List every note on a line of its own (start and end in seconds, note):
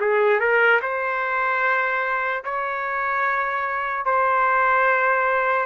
0.00 0.39 G#4
0.39 0.80 A#4
0.81 2.44 C5
2.44 4.05 C#5
4.05 5.66 C5